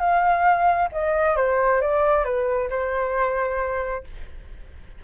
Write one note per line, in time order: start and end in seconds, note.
0.00 0.90 F5
0.92 1.37 D#5
1.37 1.82 C5
1.82 2.25 D5
2.25 2.69 B4
2.70 4.04 C5